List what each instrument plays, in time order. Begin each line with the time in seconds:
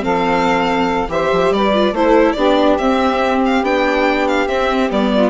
0.00 bassoon F3, viola C4, saxophone A4, violin F5
1.08 bassoon E3, viola G4, saxophone C5, violin E5
1.32 bassoon F3
1.51 bassoon G3, saxophone B4, violin D5
1.74 viola F4
1.92 bassoon A3, viola E4, saxophone A4, violin C5
2.32 bassoon B3, viola D4, saxophone G4, violin D5
2.78 viola C4, bassoon C4, violin E5
3.45 violin F5
3.63 bassoon B3, viola D4, violin G5
4.27 violin F5
4.48 bassoon C4, viola C4, violin E5
4.89 bassoon G3, viola B3, violin D5
5.12 saxophone F4